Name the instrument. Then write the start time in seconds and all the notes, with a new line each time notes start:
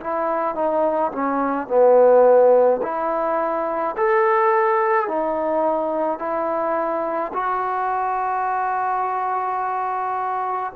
trombone
0.00 E4
0.55 D#4
1.12 C#4
1.67 B3
2.82 E4
3.97 A4
5.08 D#4
6.19 E4
7.33 F#4